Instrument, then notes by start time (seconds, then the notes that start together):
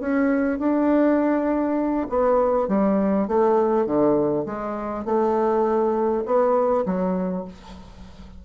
bassoon
0.00 C#4
0.59 D4
2.09 B3
2.68 G3
3.28 A3
3.86 D3
4.46 G#3
5.05 A3
6.25 B3
6.85 F#3